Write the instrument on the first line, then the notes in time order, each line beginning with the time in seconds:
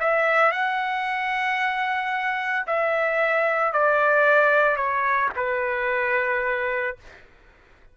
trumpet
0.00 E5
0.52 F#5
2.67 E5
3.73 D5
4.76 C#5
5.36 B4